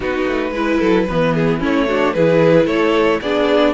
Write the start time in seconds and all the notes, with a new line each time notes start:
0.00 B3 D#4 F#4 B4
0.25 A3
0.51 G#3 E4 B4
0.79 F#3 A4
1.08 E3 B3 B4
1.34 G#4
1.59 A3 C#4 E4 C#5
1.87 D4 F#4
2.13 E3 E4 G#4 B4
2.66 A3 A4 C#5
3.21 B3 D4 G#4 D5